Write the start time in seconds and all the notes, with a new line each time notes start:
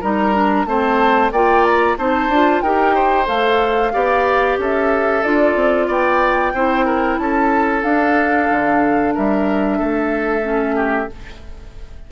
0.00 G3 D#4 A#4 A#5
0.33 D4
0.65 A3 C4 C5 A5
1.31 A#3 F4 D5 G5
1.64 A#5
1.98 C4 D#4 C5 A5
2.28 D4 F4
2.61 D#4 G4 A#4 G5
2.95 C5
3.25 A3 A4 F5
3.92 B3 G4 D5
4.58 C#4 A4 E5
5.23 D4 F4 D5
5.55 C4
5.87 B3 D5 G5
6.54 C4 E4 C5
6.85 A#4
7.18 C#4 A4 A5
7.82 D4 F5
8.51 D3
9.14 G3 A#4 E5
9.78 A3 A4
10.42 C#4
10.75 G4